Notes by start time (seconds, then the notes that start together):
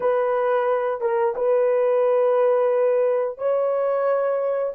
0.00 B4
1.00 A#4
1.35 B4
3.37 C#5